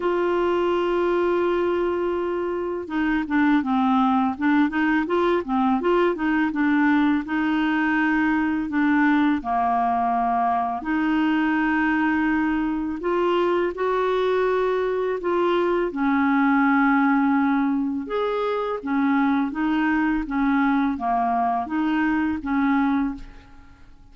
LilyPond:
\new Staff \with { instrumentName = "clarinet" } { \time 4/4 \tempo 4 = 83 f'1 | dis'8 d'8 c'4 d'8 dis'8 f'8 c'8 | f'8 dis'8 d'4 dis'2 | d'4 ais2 dis'4~ |
dis'2 f'4 fis'4~ | fis'4 f'4 cis'2~ | cis'4 gis'4 cis'4 dis'4 | cis'4 ais4 dis'4 cis'4 | }